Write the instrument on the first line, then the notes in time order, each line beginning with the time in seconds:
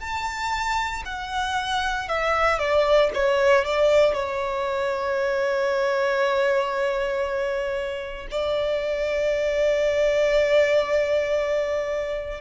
violin
0.00 A5
1.05 F#5
2.09 E5
2.59 D5
3.14 C#5
3.65 D5
4.13 C#5
8.31 D5